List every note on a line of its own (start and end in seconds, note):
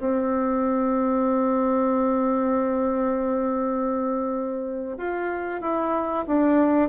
0.00 4.98 C4
4.98 5.61 F4
5.61 6.26 E4
6.27 6.89 D4